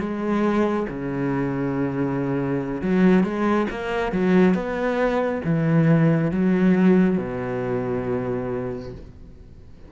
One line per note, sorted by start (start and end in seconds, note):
0.00 0.87 G#3
0.90 2.82 C#3
2.82 3.24 F#3
3.24 3.67 G#3
3.71 4.12 A#3
4.12 4.55 F#3
4.55 5.42 B3
5.45 6.32 E3
6.32 7.19 F#3
7.19 8.92 B2